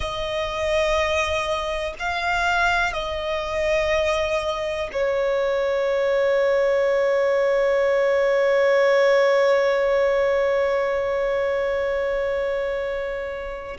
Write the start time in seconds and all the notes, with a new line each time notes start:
0.00 D#5
1.99 F5
2.93 D#5
4.92 C#5